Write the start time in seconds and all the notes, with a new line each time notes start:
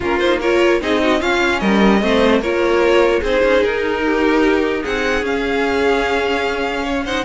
0.00 A#3 C#4 F4 A#4
0.18 D#4 C5
0.40 F4 A#4 C#5
0.81 C4 D#4 G#4 D#5
1.02 F#4
1.20 C#4 F4 F5
1.59 G3 A#4 D#5
2.00 A3 C4 C5
2.41 A#3 F4 A#4 C#5
3.19 C4 D#4 G#4 C5
3.43 C#4
3.63 D#4 A#4
4.04 G4
4.82 C4 G#4 F#5
5.22 C#4 F5
6.83 C#5
7.05 D#4 C5 F#5